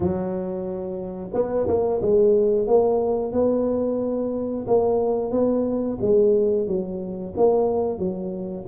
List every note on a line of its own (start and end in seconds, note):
0.00 1.30 F#3
1.33 1.67 B3
1.67 2.00 A#3
2.01 2.67 G#3
2.67 3.32 A#3
3.32 4.65 B3
4.67 5.31 A#3
5.31 5.98 B3
6.01 6.67 G#3
6.67 7.34 F#3
7.36 7.98 A#3
7.98 8.65 F#3